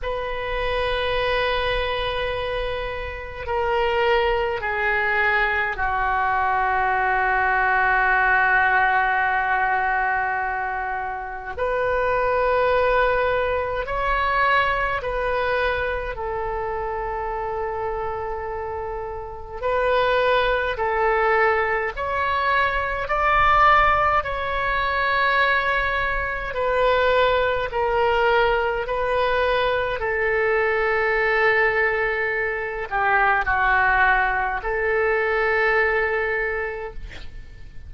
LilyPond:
\new Staff \with { instrumentName = "oboe" } { \time 4/4 \tempo 4 = 52 b'2. ais'4 | gis'4 fis'2.~ | fis'2 b'2 | cis''4 b'4 a'2~ |
a'4 b'4 a'4 cis''4 | d''4 cis''2 b'4 | ais'4 b'4 a'2~ | a'8 g'8 fis'4 a'2 | }